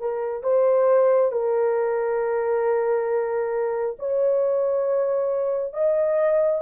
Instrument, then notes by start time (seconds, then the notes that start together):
horn
0.00 A#4
0.43 C5
1.32 A#4
3.99 C#5
5.73 D#5